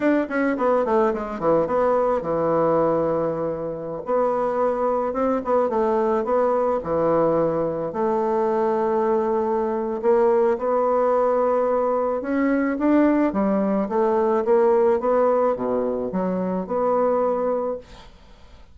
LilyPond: \new Staff \with { instrumentName = "bassoon" } { \time 4/4 \tempo 4 = 108 d'8 cis'8 b8 a8 gis8 e8 b4 | e2.~ e16 b8.~ | b4~ b16 c'8 b8 a4 b8.~ | b16 e2 a4.~ a16~ |
a2 ais4 b4~ | b2 cis'4 d'4 | g4 a4 ais4 b4 | b,4 fis4 b2 | }